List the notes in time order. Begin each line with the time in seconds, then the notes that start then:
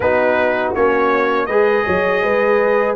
0.00 B3 D#4 F#4 B4
0.74 A#3 C#4 C#5
1.46 G#3 G#4 B4 D#5
1.85 F#3 C#5
2.22 G#3 B4